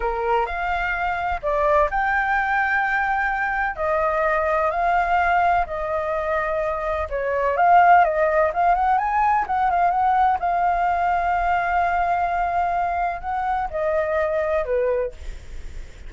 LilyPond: \new Staff \with { instrumentName = "flute" } { \time 4/4 \tempo 4 = 127 ais'4 f''2 d''4 | g''1 | dis''2 f''2 | dis''2. cis''4 |
f''4 dis''4 f''8 fis''8 gis''4 | fis''8 f''8 fis''4 f''2~ | f''1 | fis''4 dis''2 b'4 | }